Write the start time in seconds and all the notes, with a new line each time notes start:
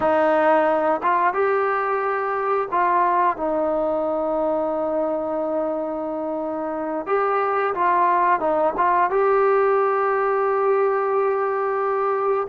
0.00 D#4
1.02 F4
1.33 G4
2.71 F4
3.36 D#4
7.06 G4
7.74 F4
8.40 D#4
8.77 F4
9.10 G4